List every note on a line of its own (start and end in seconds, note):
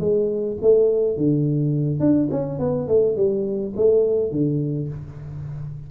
0.00 0.57 G#3
0.62 1.17 A3
1.17 2.00 D3
2.00 2.29 D4
2.31 2.59 C#4
2.59 2.88 B3
2.88 3.16 A3
3.16 3.73 G3
3.76 4.31 A3
4.31 4.89 D3